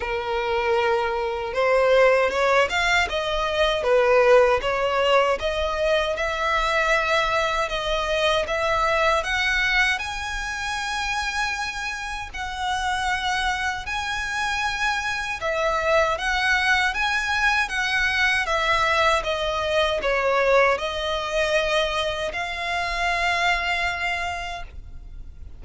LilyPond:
\new Staff \with { instrumentName = "violin" } { \time 4/4 \tempo 4 = 78 ais'2 c''4 cis''8 f''8 | dis''4 b'4 cis''4 dis''4 | e''2 dis''4 e''4 | fis''4 gis''2. |
fis''2 gis''2 | e''4 fis''4 gis''4 fis''4 | e''4 dis''4 cis''4 dis''4~ | dis''4 f''2. | }